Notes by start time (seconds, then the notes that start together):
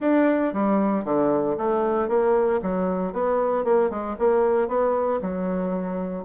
0.00 D4
0.53 G3
1.04 D3
1.57 A3
2.08 A#3
2.62 F#3
3.12 B3
3.64 A#3
3.90 G#3
4.18 A#3
4.68 B3
5.21 F#3